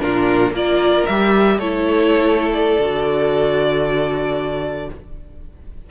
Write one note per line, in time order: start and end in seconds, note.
0.00 0.51 A#2
0.00 0.53 D4
0.00 0.53 F4
0.00 0.53 A#4
0.51 1.04 A#3
0.51 1.07 F4
0.51 1.58 A#4
0.51 1.06 D5
1.06 1.59 G3
1.06 1.62 G4
1.06 1.59 E5
1.58 2.77 A3
1.58 2.80 E4
1.58 4.87 A4
1.58 2.51 C#5
2.53 4.90 D5
2.79 4.89 D3
2.79 4.91 F#4